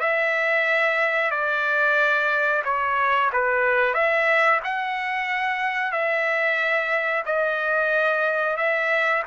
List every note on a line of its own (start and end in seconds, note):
0.00 1.31 E5
1.31 2.63 D5
2.64 3.30 C#5
3.33 3.94 B4
3.94 4.60 E5
4.64 5.92 F#5
5.92 7.24 E5
7.26 8.57 D#5
8.57 9.23 E5